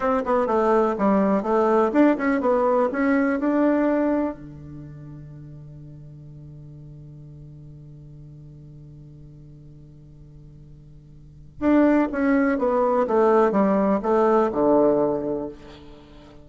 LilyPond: \new Staff \with { instrumentName = "bassoon" } { \time 4/4 \tempo 4 = 124 c'8 b8 a4 g4 a4 | d'8 cis'8 b4 cis'4 d'4~ | d'4 d2.~ | d1~ |
d1~ | d1 | d'4 cis'4 b4 a4 | g4 a4 d2 | }